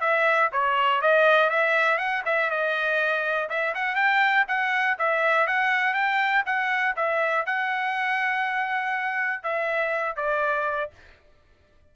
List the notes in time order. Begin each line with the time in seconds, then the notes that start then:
0.00 E5
0.52 C#5
1.01 D#5
1.50 E5
1.98 F#5
2.25 E5
2.50 D#5
3.49 E5
3.74 F#5
3.95 G5
4.48 F#5
4.98 E5
5.47 F#5
5.93 G5
6.46 F#5
6.96 E5
7.46 F#5
9.43 E5
10.16 D5